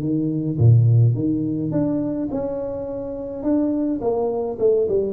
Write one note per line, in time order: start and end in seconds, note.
0.00 0.57 D#3
0.58 1.14 A#2
1.14 1.71 D#3
1.71 2.29 D4
2.31 3.43 C#4
3.43 4.00 D4
4.01 4.58 A#3
4.59 4.88 A3
4.88 5.13 G3